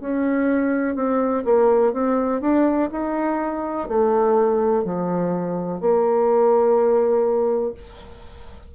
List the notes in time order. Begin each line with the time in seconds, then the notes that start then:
0.00 C#4
0.95 C4
1.44 A#3
1.93 C4
2.41 D4
2.91 D#4
3.88 A3
4.83 F3
5.80 A#3